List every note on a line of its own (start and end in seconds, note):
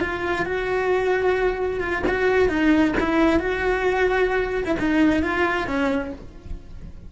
0.00 0.45 F4
0.46 1.80 F#4
1.80 2.03 F4
2.07 2.49 F#4
2.49 2.94 D#4
3.00 3.39 E4
3.39 4.63 F#4
4.64 4.76 E4
4.79 5.22 D#4
5.22 5.67 F4
5.67 6.12 C#4